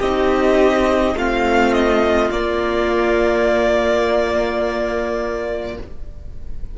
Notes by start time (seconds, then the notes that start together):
0.00 C4 D#4 G4 D#5
1.15 A3 C4 F4 F5
1.73 D#5
2.31 A#3 D5